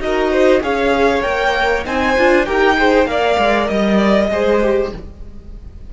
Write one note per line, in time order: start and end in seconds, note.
0.00 0.61 D#4
0.00 0.62 F#4
0.00 0.32 A#4
0.00 0.63 D#5
0.32 0.62 C5
0.62 1.24 C#4
0.62 1.22 G#4
0.62 1.86 C#5
0.62 1.22 F5
1.22 1.86 A#3
1.22 1.84 A#4
1.22 1.84 G5
1.85 2.17 C4
1.85 2.15 D#4
1.85 2.46 C5
1.85 2.45 G#5
2.18 2.49 D4
2.18 2.46 F4
2.45 3.06 D#4
2.45 2.76 G4
2.45 2.77 A#4
2.45 3.07 G5
2.77 3.06 G#4
2.77 3.10 C5
3.06 3.37 A#3
3.06 4.29 A#4
3.06 3.71 D5
3.06 3.67 F5
3.38 3.69 G#3
3.67 4.30 G3
3.67 4.90 D#5
3.67 3.97 D#5
3.97 4.28 D5
4.31 4.93 G#3
4.31 4.62 G#4
4.31 4.93 C5
4.62 4.93 G4